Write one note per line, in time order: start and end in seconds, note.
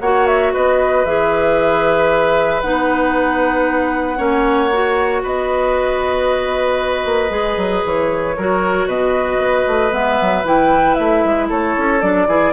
0.00 0.52 A#3
0.00 1.05 F#4
0.00 0.53 C#5
0.00 0.26 F#5
0.26 0.52 E5
0.53 1.04 B3
0.53 4.17 B4
0.53 1.04 D#5
1.04 2.61 E3
1.04 2.62 G#4
1.04 2.61 E5
2.61 4.18 B3
2.61 4.17 D#4
2.61 5.22 F#5
4.17 5.23 A#3
4.17 4.69 C#4
4.17 5.22 C#5
4.72 7.29 F#4
5.22 7.05 B3
5.22 8.35 B4
5.22 7.86 D#5
7.05 7.29 A#3
7.29 7.56 G#3
7.29 8.33 G#4
7.56 7.82 F#3
7.85 8.37 E3
7.85 8.88 C#5
8.36 8.86 F#3
8.36 9.90 F#4
8.36 8.87 A#4
8.86 9.37 B2
8.86 11.48 B4
8.86 9.93 D#5
9.37 9.63 B3
9.67 9.92 A3
9.90 10.18 G#3
9.90 10.42 B3
9.90 10.45 E5
10.21 10.43 F#3
10.43 10.96 E3
10.43 12.00 E4
10.43 10.94 G5
10.94 11.24 A3
10.94 11.46 E5
11.24 11.50 G#3
11.49 11.76 A3
11.49 12.27 A4
11.49 12.01 C#5
11.77 12.02 C#4
12.01 12.26 F#3
12.01 12.27 D4
12.01 12.52 D5
12.26 12.52 E3
12.26 12.52 E4
12.26 12.52 G#4